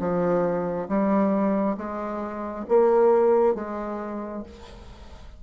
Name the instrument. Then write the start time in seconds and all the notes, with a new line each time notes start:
bassoon
0.00 F3
0.89 G3
1.78 G#3
2.69 A#3
3.55 G#3